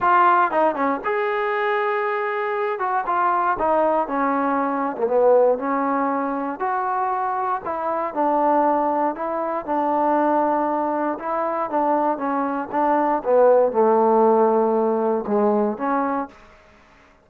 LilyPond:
\new Staff \with { instrumentName = "trombone" } { \time 4/4 \tempo 4 = 118 f'4 dis'8 cis'8 gis'2~ | gis'4. fis'8 f'4 dis'4 | cis'4.~ cis'16 ais16 b4 cis'4~ | cis'4 fis'2 e'4 |
d'2 e'4 d'4~ | d'2 e'4 d'4 | cis'4 d'4 b4 a4~ | a2 gis4 cis'4 | }